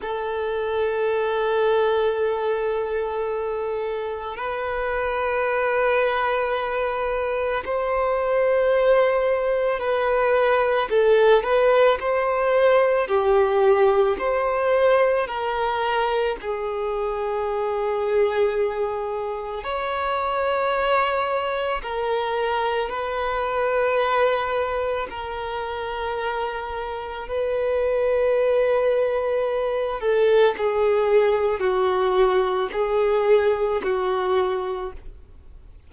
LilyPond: \new Staff \with { instrumentName = "violin" } { \time 4/4 \tempo 4 = 55 a'1 | b'2. c''4~ | c''4 b'4 a'8 b'8 c''4 | g'4 c''4 ais'4 gis'4~ |
gis'2 cis''2 | ais'4 b'2 ais'4~ | ais'4 b'2~ b'8 a'8 | gis'4 fis'4 gis'4 fis'4 | }